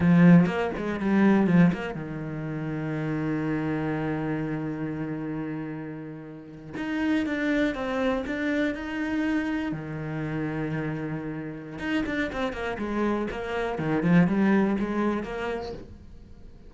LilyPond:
\new Staff \with { instrumentName = "cello" } { \time 4/4 \tempo 4 = 122 f4 ais8 gis8 g4 f8 ais8 | dis1~ | dis1~ | dis4.~ dis16 dis'4 d'4 c'16~ |
c'8. d'4 dis'2 dis16~ | dis1 | dis'8 d'8 c'8 ais8 gis4 ais4 | dis8 f8 g4 gis4 ais4 | }